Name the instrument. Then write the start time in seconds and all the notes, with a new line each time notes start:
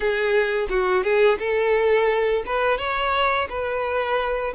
violin
0.00 G#4
0.69 F#4
1.03 G#4
1.39 A4
2.46 B4
2.78 C#5
3.49 B4